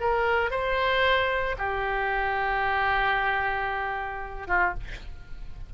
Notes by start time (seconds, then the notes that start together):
0.00 A#4
0.50 C5
1.58 G4
4.47 F4